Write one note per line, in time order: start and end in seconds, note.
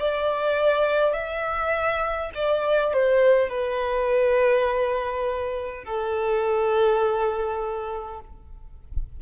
0.00 1.13 D5
1.13 2.31 E5
2.35 2.94 D5
2.94 3.49 C5
3.49 5.84 B4
5.85 8.20 A4